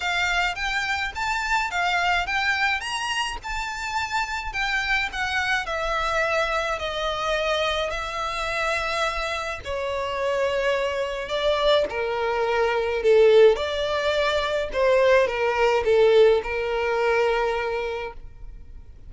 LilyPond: \new Staff \with { instrumentName = "violin" } { \time 4/4 \tempo 4 = 106 f''4 g''4 a''4 f''4 | g''4 ais''4 a''2 | g''4 fis''4 e''2 | dis''2 e''2~ |
e''4 cis''2. | d''4 ais'2 a'4 | d''2 c''4 ais'4 | a'4 ais'2. | }